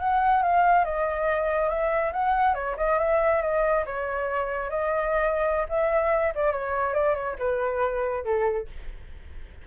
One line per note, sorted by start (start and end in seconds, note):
0.00 0.43 F#5
0.43 0.85 F5
0.85 1.70 D#5
1.70 2.13 E5
2.13 2.55 F#5
2.55 2.76 C#5
2.77 2.99 D#5
2.99 3.42 E5
3.42 3.85 D#5
3.86 4.70 C#5
4.70 5.66 D#5
5.70 6.34 E5
6.35 6.52 D5
6.52 6.94 C#5
6.94 7.15 D5
7.15 7.37 C#5
7.39 8.24 B4
8.24 8.67 A4